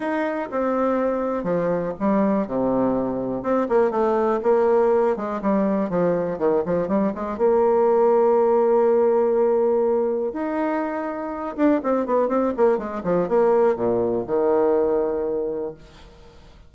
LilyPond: \new Staff \with { instrumentName = "bassoon" } { \time 4/4 \tempo 4 = 122 dis'4 c'2 f4 | g4 c2 c'8 ais8 | a4 ais4. gis8 g4 | f4 dis8 f8 g8 gis8 ais4~ |
ais1~ | ais4 dis'2~ dis'8 d'8 | c'8 b8 c'8 ais8 gis8 f8 ais4 | ais,4 dis2. | }